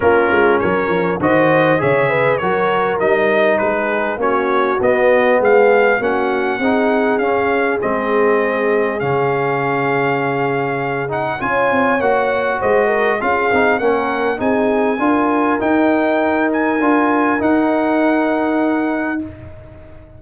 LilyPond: <<
  \new Staff \with { instrumentName = "trumpet" } { \time 4/4 \tempo 4 = 100 ais'4 cis''4 dis''4 e''4 | cis''4 dis''4 b'4 cis''4 | dis''4 f''4 fis''2 | f''4 dis''2 f''4~ |
f''2~ f''8 fis''8 gis''4 | fis''4 dis''4 f''4 fis''4 | gis''2 g''4. gis''8~ | gis''4 fis''2. | }
  \new Staff \with { instrumentName = "horn" } { \time 4/4 f'4 ais'4 c''4 cis''8 b'8 | ais'2 gis'4 fis'4~ | fis'4 gis'4 fis'4 gis'4~ | gis'1~ |
gis'2. cis''4~ | cis''4 c''8 ais'8 gis'4 ais'4 | gis'4 ais'2.~ | ais'1 | }
  \new Staff \with { instrumentName = "trombone" } { \time 4/4 cis'2 fis'4 gis'4 | fis'4 dis'2 cis'4 | b2 cis'4 dis'4 | cis'4 c'2 cis'4~ |
cis'2~ cis'8 dis'8 f'4 | fis'2 f'8 dis'8 cis'4 | dis'4 f'4 dis'2 | f'4 dis'2. | }
  \new Staff \with { instrumentName = "tuba" } { \time 4/4 ais8 gis8 fis8 f8 dis4 cis4 | fis4 g4 gis4 ais4 | b4 gis4 ais4 c'4 | cis'4 gis2 cis4~ |
cis2. cis'8 c'8 | ais4 gis4 cis'8 c'8 ais4 | c'4 d'4 dis'2 | d'4 dis'2. | }
>>